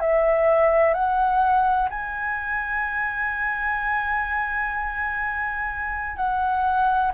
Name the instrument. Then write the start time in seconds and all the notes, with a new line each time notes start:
flute
0.00 E5
0.94 F#5
1.90 G#5
6.16 F#5